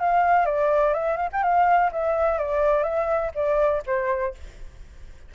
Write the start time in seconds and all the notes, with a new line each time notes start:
0.00 F5
0.46 D5
0.94 E5
1.17 F5
1.33 G5
1.43 F5
1.92 E5
2.39 D5
2.83 E5
3.35 D5
3.87 C5